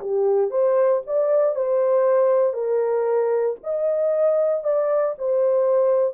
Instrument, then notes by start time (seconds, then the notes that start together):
horn
0.00 G4
0.50 C5
1.06 D5
1.55 C5
2.53 A#4
3.63 D#5
4.63 D5
5.18 C5